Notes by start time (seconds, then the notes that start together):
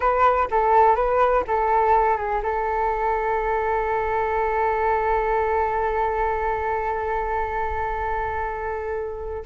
0.00 B4
0.50 A4
0.95 B4
1.47 A4
2.17 G#4
2.42 A4